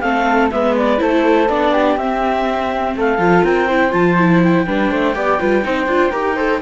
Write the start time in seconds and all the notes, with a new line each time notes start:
0.00 A3 C4 A4 F5
0.50 G#3 B3 B4 E5
0.77 D5
0.97 A3 E4 A4 C5
1.48 B3 D4 D5
1.72 G4
1.97 C4 E5
2.95 A3 A4 F5
3.18 F3 F4
3.44 C4 A#4 G5
3.67 E4 C5
3.91 F3 F4 A5
4.17 E4
4.43 G5
4.66 G3 D4 B4
4.91 A3 C5
5.14 B3 G4 D5
5.39 G3 F4 B4
5.63 C4 D#4 C5
5.86 D4 F4
6.11 D#4 G4 A#4
6.35 A4 C5